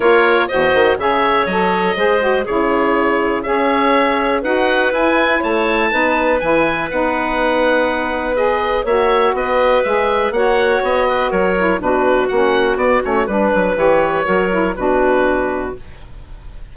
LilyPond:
<<
  \new Staff \with { instrumentName = "oboe" } { \time 4/4 \tempo 4 = 122 cis''4 dis''4 e''4 dis''4~ | dis''4 cis''2 e''4~ | e''4 fis''4 gis''4 a''4~ | a''4 gis''4 fis''2~ |
fis''4 dis''4 e''4 dis''4 | e''4 fis''4 dis''4 cis''4 | b'4 fis''4 d''8 cis''8 b'4 | cis''2 b'2 | }
  \new Staff \with { instrumentName = "clarinet" } { \time 4/4 ais'4 c''4 cis''2 | c''4 gis'2 cis''4~ | cis''4 b'2 cis''4 | b'1~ |
b'2 cis''4 b'4~ | b'4 cis''4. b'8 ais'4 | fis'2. b'4~ | b'4 ais'4 fis'2 | }
  \new Staff \with { instrumentName = "saxophone" } { \time 4/4 f'4 fis'4 gis'4 a'4 | gis'8 fis'8 e'2 gis'4~ | gis'4 fis'4 e'2 | dis'4 e'4 dis'2~ |
dis'4 gis'4 fis'2 | gis'4 fis'2~ fis'8 e'8 | d'4 cis'4 b8 cis'8 d'4 | g'4 fis'8 e'8 d'2 | }
  \new Staff \with { instrumentName = "bassoon" } { \time 4/4 ais4 e,8 dis8 cis4 fis4 | gis4 cis2 cis'4~ | cis'4 dis'4 e'4 a4 | b4 e4 b2~ |
b2 ais4 b4 | gis4 ais4 b4 fis4 | b,4 ais4 b8 a8 g8 fis8 | e4 fis4 b,2 | }
>>